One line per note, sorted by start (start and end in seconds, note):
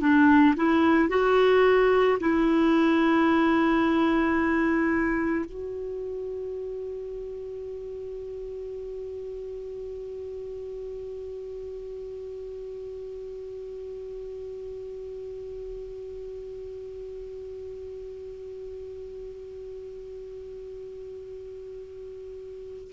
0.00 0.55 D4
0.56 1.09 E4
1.09 2.18 F#4
2.20 5.45 E4
5.45 22.91 F#4